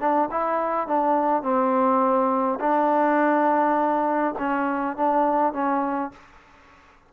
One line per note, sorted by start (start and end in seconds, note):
0.00 0.29 D4
0.31 0.87 E4
0.87 1.43 D4
1.43 2.59 C4
2.60 4.35 D4
4.39 4.97 C#4
4.97 5.53 D4
5.53 6.12 C#4